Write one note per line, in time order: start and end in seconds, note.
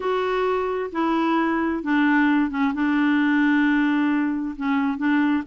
0.00 0.90 F#4
0.92 1.83 E4
1.83 2.50 D4
2.50 2.73 C#4
2.74 4.55 D4
4.56 4.97 C#4
4.97 5.43 D4